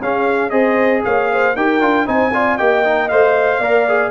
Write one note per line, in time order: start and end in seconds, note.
0.00 0.51 C#4
0.00 0.50 C#4
0.00 0.50 G#4
0.00 0.49 F5
0.49 1.02 C4
0.49 1.53 G#4
0.49 1.01 C5
0.49 1.01 D#5
1.04 1.55 A#3
1.04 1.30 C#5
1.04 1.56 F5
1.32 1.56 C5
1.55 1.81 D#4
1.55 1.81 G4
1.55 2.06 A#4
1.55 2.07 G5
1.81 2.06 D4
1.81 2.05 F4
2.05 2.59 C4
2.05 2.31 D#4
2.05 2.31 C5
2.05 2.57 G#5
2.33 2.58 F4
2.33 2.57 D5
2.57 3.10 A#3
2.57 2.84 G4
2.57 3.59 D#5
2.57 3.08 G5
2.84 3.10 D#4
3.08 3.59 A3
3.08 3.61 C5
3.08 4.10 F5
3.59 4.10 A#3
3.59 3.87 A#4
3.59 4.10 D5
3.88 4.10 G#4